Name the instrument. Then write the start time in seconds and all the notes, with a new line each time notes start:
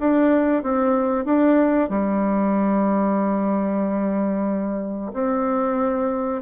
bassoon
0.00 D4
0.63 C4
1.25 D4
1.89 G3
5.13 C4